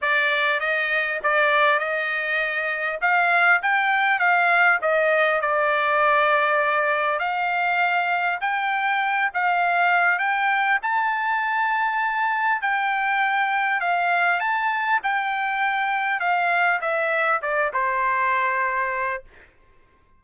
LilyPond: \new Staff \with { instrumentName = "trumpet" } { \time 4/4 \tempo 4 = 100 d''4 dis''4 d''4 dis''4~ | dis''4 f''4 g''4 f''4 | dis''4 d''2. | f''2 g''4. f''8~ |
f''4 g''4 a''2~ | a''4 g''2 f''4 | a''4 g''2 f''4 | e''4 d''8 c''2~ c''8 | }